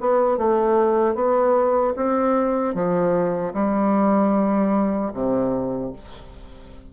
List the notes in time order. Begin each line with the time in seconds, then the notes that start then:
0.00 B3
0.37 A3
1.14 B3
1.96 C4
2.74 F3
3.53 G3
5.13 C3